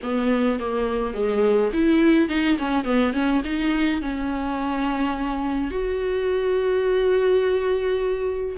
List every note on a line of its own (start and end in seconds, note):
0.02 0.59 B3
0.59 1.14 A#3
1.14 1.71 G#3
1.73 2.28 E4
2.28 2.57 D#4
2.58 2.84 C#4
2.84 3.13 B3
3.13 3.42 C#4
3.44 4.01 D#4
4.01 5.70 C#4
5.70 8.56 F#4